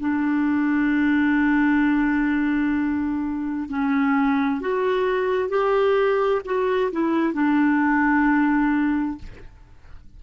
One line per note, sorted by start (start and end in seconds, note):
0.00 3.69 D4
3.69 4.61 C#4
4.61 5.49 F#4
5.49 6.42 G4
6.45 6.91 F#4
6.92 7.34 E4
7.34 9.18 D4